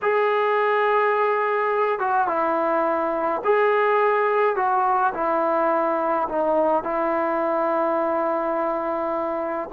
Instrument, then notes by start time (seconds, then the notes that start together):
trombone
0.02 G#4
1.99 F#4
2.27 E4
3.44 G#4
4.56 F#4
5.14 E4
6.29 D#4
6.83 E4